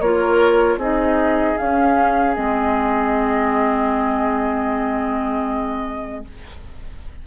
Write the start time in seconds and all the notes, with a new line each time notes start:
0.00 A#3 F4 A#4 C#5
0.77 C4 D#4 G#4 D#5
1.57 C#4 F5
2.34 G#3 C4 D#5